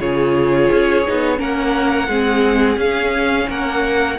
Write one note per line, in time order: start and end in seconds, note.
0.00 0.70 C#3
0.00 1.05 F4
0.00 1.39 G#4
0.00 1.40 C#5
0.71 1.06 C#4
1.07 1.40 B3
1.07 1.36 D#4
1.36 2.08 A#3
1.36 2.06 C#4
1.36 2.09 A#4
1.36 2.80 F#5
2.08 2.77 G#3
2.08 2.77 C4
2.08 3.48 G#4
2.77 3.47 C#4
2.77 4.17 C#4
2.77 3.49 F5
3.49 4.19 A#3
3.49 4.19 A#4
3.49 4.19 F#5